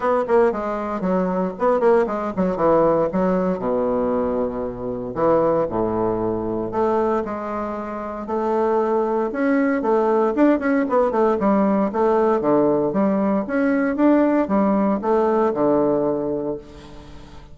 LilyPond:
\new Staff \with { instrumentName = "bassoon" } { \time 4/4 \tempo 4 = 116 b8 ais8 gis4 fis4 b8 ais8 | gis8 fis8 e4 fis4 b,4~ | b,2 e4 a,4~ | a,4 a4 gis2 |
a2 cis'4 a4 | d'8 cis'8 b8 a8 g4 a4 | d4 g4 cis'4 d'4 | g4 a4 d2 | }